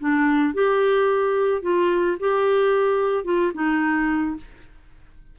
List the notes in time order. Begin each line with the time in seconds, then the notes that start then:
0.00 D4
0.54 G4
1.62 F4
2.20 G4
3.25 F4
3.54 D#4